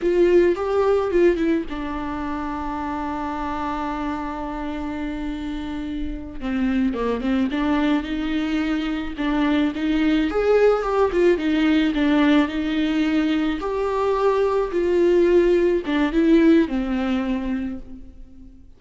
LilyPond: \new Staff \with { instrumentName = "viola" } { \time 4/4 \tempo 4 = 108 f'4 g'4 f'8 e'8 d'4~ | d'1~ | d'2.~ d'8 c'8~ | c'8 ais8 c'8 d'4 dis'4.~ |
dis'8 d'4 dis'4 gis'4 g'8 | f'8 dis'4 d'4 dis'4.~ | dis'8 g'2 f'4.~ | f'8 d'8 e'4 c'2 | }